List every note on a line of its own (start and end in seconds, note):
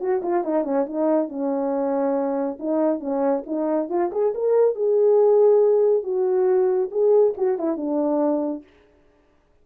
0.00 0.22 F#4
0.22 0.44 F4
0.44 0.64 D#4
0.64 0.85 C#4
0.86 1.29 D#4
1.29 2.58 C#4
2.59 3.00 D#4
3.00 3.43 C#4
3.46 3.89 D#4
3.89 4.11 F4
4.12 4.33 G#4
4.34 4.75 A#4
4.75 6.03 G#4
6.03 6.89 F#4
6.91 7.34 G#4
7.37 7.58 F#4
7.58 7.77 E4
7.77 8.63 D4